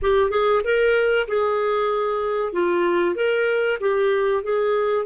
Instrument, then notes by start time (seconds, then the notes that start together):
clarinet
0.01 G4
0.30 G#4
0.64 A#4
1.27 G#4
2.52 F4
3.15 A#4
3.80 G4
4.43 G#4